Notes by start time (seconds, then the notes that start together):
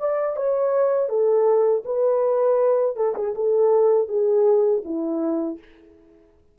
0.00 D5
0.37 C#5
1.10 A4
1.86 B4
2.97 A4
3.16 G#4
3.36 A4
4.09 G#4
4.85 E4